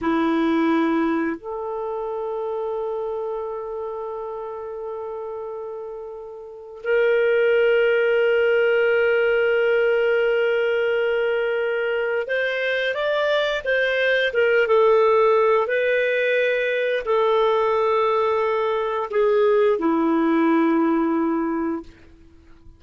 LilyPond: \new Staff \with { instrumentName = "clarinet" } { \time 4/4 \tempo 4 = 88 e'2 a'2~ | a'1~ | a'2 ais'2~ | ais'1~ |
ais'2 c''4 d''4 | c''4 ais'8 a'4. b'4~ | b'4 a'2. | gis'4 e'2. | }